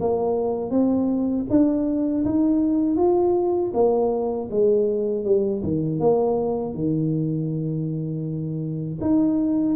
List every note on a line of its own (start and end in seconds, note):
0.00 0.71 A#3
0.71 1.46 C4
1.50 2.25 D4
2.25 2.97 D#4
2.97 3.72 F4
3.74 4.49 A#3
4.50 5.25 G#3
5.25 5.62 G3
5.63 6.00 D#3
6.00 6.74 A#3
6.74 8.99 D#3
9.01 9.76 D#4